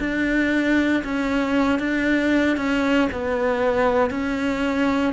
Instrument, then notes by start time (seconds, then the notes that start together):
cello
0.00 D4
1.04 C#4
1.80 D4
2.57 C#4
3.13 B3
4.11 C#4